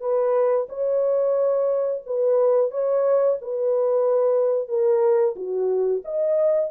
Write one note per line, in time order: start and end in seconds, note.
0.00 0.67 B4
0.69 2.02 C#5
2.06 2.71 B4
2.71 3.37 C#5
3.41 4.68 B4
4.68 5.35 A#4
5.35 6.02 F#4
6.05 6.70 D#5